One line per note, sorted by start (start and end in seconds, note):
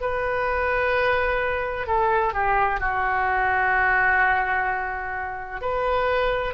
0.00 1.87 B4
1.87 2.33 A4
2.33 2.80 G4
2.80 5.61 F#4
5.61 6.54 B4